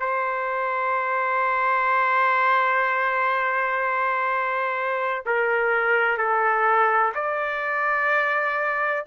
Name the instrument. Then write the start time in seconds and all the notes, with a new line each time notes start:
trumpet
0.00 C5
5.26 A#4
6.18 A4
7.15 D5